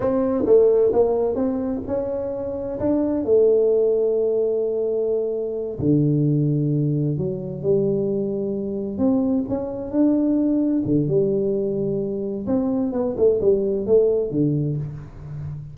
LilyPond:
\new Staff \with { instrumentName = "tuba" } { \time 4/4 \tempo 4 = 130 c'4 a4 ais4 c'4 | cis'2 d'4 a4~ | a1~ | a8 d2. fis8~ |
fis8 g2. c'8~ | c'8 cis'4 d'2 d8 | g2. c'4 | b8 a8 g4 a4 d4 | }